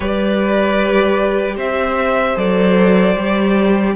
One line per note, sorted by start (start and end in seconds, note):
0.00 1.56 G3
0.00 2.36 G4
0.00 1.55 B4
0.00 1.56 D5
1.56 2.35 C4
1.56 3.93 C5
1.56 2.37 E5
2.36 3.15 F#3
2.36 3.14 A4
2.36 3.95 D5
3.16 3.95 G3
3.16 3.95 G4